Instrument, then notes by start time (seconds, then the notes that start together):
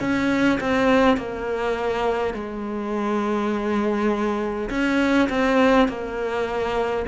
cello
0.00 C#4
0.60 C4
1.17 A#3
2.34 G#3
4.70 C#4
5.29 C4
5.88 A#3